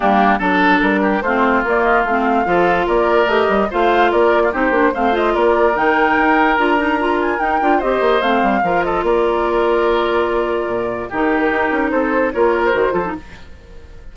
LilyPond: <<
  \new Staff \with { instrumentName = "flute" } { \time 4/4 \tempo 4 = 146 g'4 a'4 ais'4 c''4 | d''8 dis''8 f''2 d''4 | dis''4 f''4 d''4 c''4 | f''8 dis''8 d''4 g''2 |
ais''4. gis''8 g''4 dis''4 | f''4. dis''8 d''2~ | d''2. ais'4~ | ais'4 c''4 cis''8. c''4~ c''16 | }
  \new Staff \with { instrumentName = "oboe" } { \time 4/4 d'4 a'4. g'8 f'4~ | f'2 a'4 ais'4~ | ais'4 c''4 ais'8. f'16 g'4 | c''4 ais'2.~ |
ais'2. c''4~ | c''4 ais'8 a'8 ais'2~ | ais'2. g'4~ | g'4 a'4 ais'4. a'8 | }
  \new Staff \with { instrumentName = "clarinet" } { \time 4/4 ais4 d'2 c'4 | ais4 c'4 f'2 | g'4 f'2 dis'8 d'8 | c'8 f'4. dis'2 |
f'8 dis'8 f'4 dis'8 f'8 g'4 | c'4 f'2.~ | f'2. dis'4~ | dis'2 f'4 fis'8 f'16 dis'16 | }
  \new Staff \with { instrumentName = "bassoon" } { \time 4/4 g4 fis4 g4 a4 | ais4 a4 f4 ais4 | a8 g8 a4 ais4 c'8 ais8 | a4 ais4 dis4 dis'4 |
d'2 dis'8 d'8 c'8 ais8 | a8 g8 f4 ais2~ | ais2 ais,4 dis4 | dis'8 cis'8 c'4 ais4 dis8 f8 | }
>>